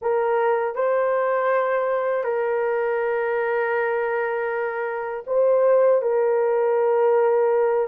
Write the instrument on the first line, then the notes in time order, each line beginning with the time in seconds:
horn
0.01 A#4
0.75 C5
2.23 A#4
5.27 C5
6.01 A#4